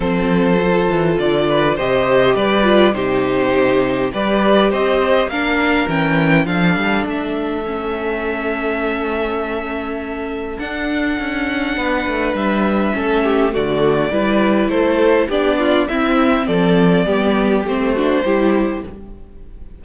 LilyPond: <<
  \new Staff \with { instrumentName = "violin" } { \time 4/4 \tempo 4 = 102 c''2 d''4 dis''4 | d''4 c''2 d''4 | dis''4 f''4 g''4 f''4 | e''1~ |
e''2 fis''2~ | fis''4 e''2 d''4~ | d''4 c''4 d''4 e''4 | d''2 c''2 | }
  \new Staff \with { instrumentName = "violin" } { \time 4/4 a'2~ a'8 b'8 c''4 | b'4 g'2 b'4 | c''4 ais'2 a'4~ | a'1~ |
a'1 | b'2 a'8 g'8 fis'4 | b'4 a'4 g'8 f'8 e'4 | a'4 g'4. fis'8 g'4 | }
  \new Staff \with { instrumentName = "viola" } { \time 4/4 c'4 f'2 g'4~ | g'8 f'8 dis'2 g'4~ | g'4 d'4 cis'4 d'4~ | d'4 cis'2.~ |
cis'2 d'2~ | d'2 cis'4 a4 | e'2 d'4 c'4~ | c'4 b4 c'8 d'8 e'4 | }
  \new Staff \with { instrumentName = "cello" } { \time 4/4 f4. e8 d4 c4 | g4 c2 g4 | c'4 ais4 e4 f8 g8 | a1~ |
a2 d'4 cis'4 | b8 a8 g4 a4 d4 | g4 a4 b4 c'4 | f4 g4 a4 g4 | }
>>